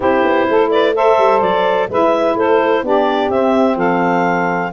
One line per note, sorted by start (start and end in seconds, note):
0.00 0.23 C4
0.00 0.94 E4
0.00 0.47 G4
0.00 0.71 C5
0.23 0.46 B3
0.48 1.18 A3
0.48 0.71 A4
0.71 0.95 B4
0.71 0.94 D5
0.94 1.89 A4
0.94 1.89 C5
0.94 1.41 E5
1.18 1.41 G3
1.41 1.88 F#3
1.41 1.88 D5
1.89 2.35 G#3
1.89 2.84 E4
1.89 2.36 B4
1.89 2.37 E5
2.35 2.82 A3
2.35 2.84 A4
2.35 2.84 C5
2.83 3.29 B3
2.83 3.30 D4
2.83 3.76 G4
2.83 3.30 D5
3.29 3.76 C4
3.29 4.72 C4
3.29 3.77 E5
3.76 4.70 F3
3.76 4.71 A4
3.76 4.72 F5